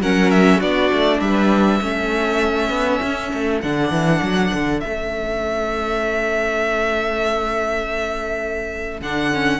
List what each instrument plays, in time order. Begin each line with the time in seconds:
0.00 cello F#3, viola C#4, violin A#4 F#5
0.30 violin E5
0.57 cello B3, viola D4, violin F#4 D5
0.92 cello A3
1.20 cello G3, violin B4 E5
1.81 cello A3, viola C#4, violin A4
2.69 cello B3
3.02 cello C#4
3.33 cello A3
3.62 cello D3, viola D4, violin F#5
3.90 cello E3
4.22 cello F#3
4.53 cello D3
4.80 cello A3, viola C#4, violin E5
9.00 cello D3, viola D4, violin F#5
9.33 viola C#4